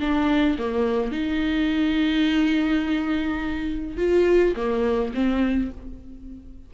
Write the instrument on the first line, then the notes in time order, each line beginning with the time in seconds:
viola
0.00 D4
0.58 A#3
1.11 D#4
3.97 F4
4.56 A#3
5.14 C4